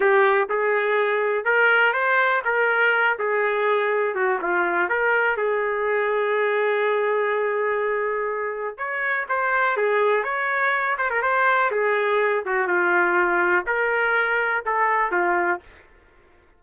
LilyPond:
\new Staff \with { instrumentName = "trumpet" } { \time 4/4 \tempo 4 = 123 g'4 gis'2 ais'4 | c''4 ais'4. gis'4.~ | gis'8 fis'8 f'4 ais'4 gis'4~ | gis'1~ |
gis'2 cis''4 c''4 | gis'4 cis''4. c''16 ais'16 c''4 | gis'4. fis'8 f'2 | ais'2 a'4 f'4 | }